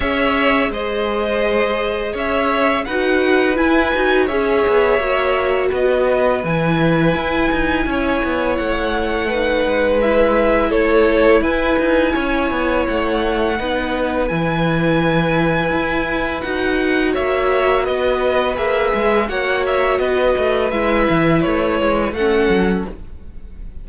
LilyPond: <<
  \new Staff \with { instrumentName = "violin" } { \time 4/4 \tempo 4 = 84 e''4 dis''2 e''4 | fis''4 gis''4 e''2 | dis''4 gis''2. | fis''2 e''4 cis''4 |
gis''2 fis''2 | gis''2. fis''4 | e''4 dis''4 e''4 fis''8 e''8 | dis''4 e''4 cis''4 fis''4 | }
  \new Staff \with { instrumentName = "violin" } { \time 4/4 cis''4 c''2 cis''4 | b'2 cis''2 | b'2. cis''4~ | cis''4 b'2 a'4 |
b'4 cis''2 b'4~ | b'1 | cis''4 b'2 cis''4 | b'2. a'4 | }
  \new Staff \with { instrumentName = "viola" } { \time 4/4 gis'1 | fis'4 e'8 fis'8 gis'4 fis'4~ | fis'4 e'2.~ | e'4 dis'4 e'2~ |
e'2. dis'4 | e'2. fis'4~ | fis'2 gis'4 fis'4~ | fis'4 e'2 cis'4 | }
  \new Staff \with { instrumentName = "cello" } { \time 4/4 cis'4 gis2 cis'4 | dis'4 e'8 dis'8 cis'8 b8 ais4 | b4 e4 e'8 dis'8 cis'8 b8 | a4. gis4. a4 |
e'8 dis'8 cis'8 b8 a4 b4 | e2 e'4 dis'4 | ais4 b4 ais8 gis8 ais4 | b8 a8 gis8 e8 a8 gis8 a8 fis8 | }
>>